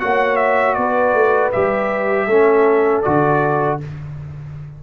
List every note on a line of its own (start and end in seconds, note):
0.00 0.77 A#3
0.00 1.52 F#4
0.00 0.78 C#5
0.00 0.36 F#5
0.36 0.74 E5
0.74 1.14 B3
0.74 2.28 B4
0.74 1.50 D5
1.14 1.52 A3
1.52 2.26 G3
1.52 2.29 G4
1.52 3.02 E5
2.26 3.02 A3
2.26 3.04 C#4
2.26 3.80 A4
3.02 3.83 D3
3.02 3.80 F#4
3.02 3.78 D5